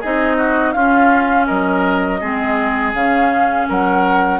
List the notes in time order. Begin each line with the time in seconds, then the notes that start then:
0.00 C4 D#4 G#4 D#5
0.37 F#4
0.72 C#4 F4 F5
1.46 F#3 A#4 D#5
2.20 G#3 C4 G#4
2.94 C#3 C#4 F5
3.69 F#3 A#4 F#5